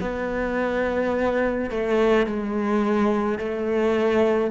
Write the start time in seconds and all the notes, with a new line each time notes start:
0.00 B3
1.70 A3
2.26 G#3
3.38 A3